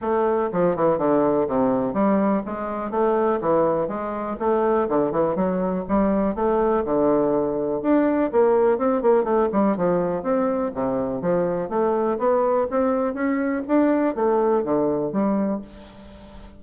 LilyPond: \new Staff \with { instrumentName = "bassoon" } { \time 4/4 \tempo 4 = 123 a4 f8 e8 d4 c4 | g4 gis4 a4 e4 | gis4 a4 d8 e8 fis4 | g4 a4 d2 |
d'4 ais4 c'8 ais8 a8 g8 | f4 c'4 c4 f4 | a4 b4 c'4 cis'4 | d'4 a4 d4 g4 | }